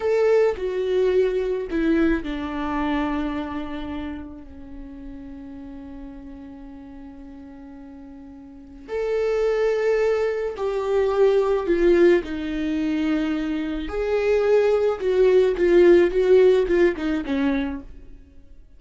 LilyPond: \new Staff \with { instrumentName = "viola" } { \time 4/4 \tempo 4 = 108 a'4 fis'2 e'4 | d'1 | cis'1~ | cis'1 |
a'2. g'4~ | g'4 f'4 dis'2~ | dis'4 gis'2 fis'4 | f'4 fis'4 f'8 dis'8 cis'4 | }